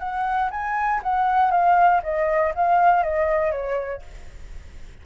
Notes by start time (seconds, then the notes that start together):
0.00 F#5
0.51 G#5
1.04 F#5
1.52 F5
2.04 D#5
2.56 F5
3.03 D#5
3.52 C#5